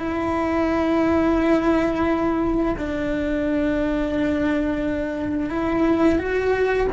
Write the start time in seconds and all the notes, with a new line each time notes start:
0.00 E4
2.78 D4
5.50 E4
6.19 F#4